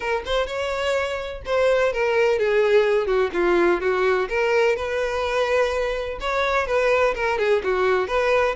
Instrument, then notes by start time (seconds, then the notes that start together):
violin
0.00 A#4
0.25 C5
0.47 C#5
1.45 C5
1.92 A#4
2.39 G#4
3.06 F#4
3.33 F4
3.80 F#4
4.29 A#4
4.76 B4
6.20 C#5
6.66 B4
7.15 A#4
7.38 G#4
7.63 F#4
8.07 B4